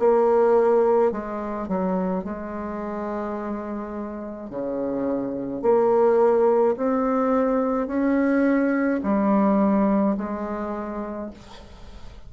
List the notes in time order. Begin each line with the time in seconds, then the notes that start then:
0.00 A#3
1.12 G#3
1.69 F#3
2.24 G#3
4.50 C#3
5.62 A#3
6.77 C4
7.87 C#4
9.04 G3
10.18 G#3